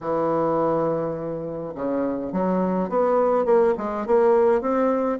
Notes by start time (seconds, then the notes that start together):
0.00 E3
1.75 C#3
2.32 F#3
2.89 B3
3.45 A#3
3.77 G#3
4.06 A#3
4.61 C4